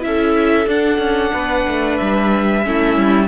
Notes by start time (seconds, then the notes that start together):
0.00 C#4 E4 A4 E5
0.66 D4 F#5
0.98 C#4
1.33 B3 B4
1.67 A3
1.97 G3 E5
2.63 A3 C#4 E4
2.96 G3